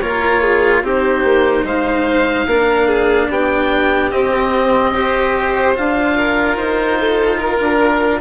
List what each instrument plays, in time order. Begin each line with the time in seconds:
0.00 bassoon A#3, cello F4, violin A#4, oboe C#5
0.42 violin G#4
0.82 bassoon C4, cello D#4, violin G4, oboe C5
1.23 bassoon A#3
1.64 bassoon G#3, violin C5, oboe F5
2.46 bassoon A#3, cello D4, violin A#4
2.87 violin G#4
3.29 bassoon B3, violin G4, oboe G5
4.11 cello C4, bassoon C4, oboe D#5
4.94 cello G4, violin C5
5.74 bassoon D4, cello F4, oboe F5
6.16 violin A#4
6.56 bassoon D#4, oboe C5
7.00 violin A4
7.37 violin A#4, oboe A#4
7.60 bassoon D4